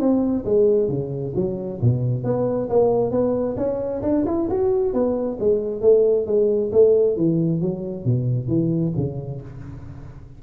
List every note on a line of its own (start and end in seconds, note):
0.00 0.45 C4
0.45 0.89 G#3
0.89 1.34 C#3
1.35 1.80 F#3
1.81 2.24 B2
2.24 2.69 B3
2.69 3.11 A#3
3.11 3.56 B3
3.57 4.02 C#4
4.02 4.25 D4
4.26 4.48 E4
4.50 4.93 F#4
4.93 5.38 B3
5.40 5.81 G#3
5.81 6.26 A3
6.26 6.71 G#3
6.72 7.17 A3
7.17 7.61 E3
7.61 8.05 F#3
8.05 8.48 B2
8.48 8.93 E3
8.97 9.42 C#3